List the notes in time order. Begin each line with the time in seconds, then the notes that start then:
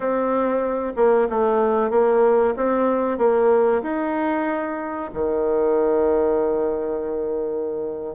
0.00 C4
0.96 A#3
1.29 A3
1.90 A#3
2.56 C4
3.18 A#3
3.82 D#4
5.13 D#3